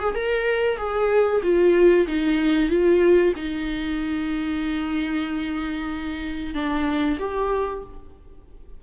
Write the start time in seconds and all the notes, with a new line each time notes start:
0.00 G#4
0.15 A#4
0.78 G#4
1.43 F4
2.08 D#4
2.70 F4
3.36 D#4
6.55 D4
7.20 G4